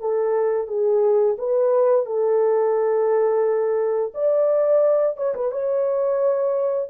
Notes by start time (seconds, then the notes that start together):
0.00 A4
0.67 G#4
1.38 B4
2.06 A4
4.14 D5
5.17 C#5
5.34 B4
5.51 C#5